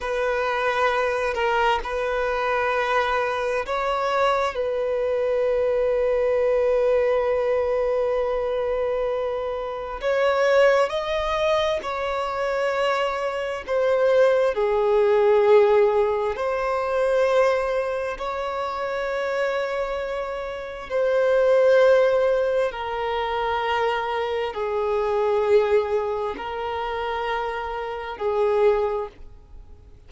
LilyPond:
\new Staff \with { instrumentName = "violin" } { \time 4/4 \tempo 4 = 66 b'4. ais'8 b'2 | cis''4 b'2.~ | b'2. cis''4 | dis''4 cis''2 c''4 |
gis'2 c''2 | cis''2. c''4~ | c''4 ais'2 gis'4~ | gis'4 ais'2 gis'4 | }